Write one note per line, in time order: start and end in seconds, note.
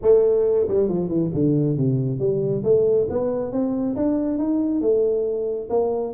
0.01 0.67 A3
0.68 0.88 G3
0.88 1.08 F3
1.08 1.30 E3
1.34 1.77 D3
1.77 2.19 C3
2.19 2.63 G3
2.63 3.07 A3
3.09 3.52 B3
3.52 3.95 C4
3.96 4.37 D4
4.37 4.81 D#4
4.81 5.68 A3
5.69 6.13 A#3